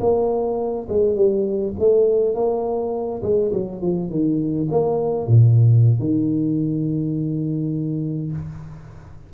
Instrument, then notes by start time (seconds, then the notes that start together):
tuba
0.00 A#3
0.89 G#3
1.15 G3
1.79 A3
2.35 A#3
3.23 G#3
3.52 F#3
3.82 F3
4.10 D#3
4.71 A#3
5.27 A#2
5.99 D#3